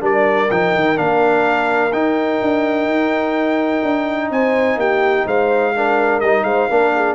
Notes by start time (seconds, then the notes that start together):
0.00 G3 D4 A#4 D5
0.50 F3 D#4 G5
0.75 D#3
0.96 A#3 D4 F5
1.92 D#4 G5
2.41 D4
2.86 D#4
3.83 D4
4.30 C4 C5 G#5
4.76 A#3 G4 G5
5.26 G#3 C5 F5
5.75 D4 A#4
6.20 G3 D#4 D#5
6.43 G#3 C5 F5
6.69 A#3 D4 A#4
6.95 G#4